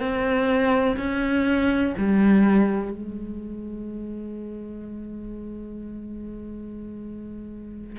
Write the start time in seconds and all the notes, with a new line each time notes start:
0.00 C4
0.97 C#4
1.98 G3
2.92 G#3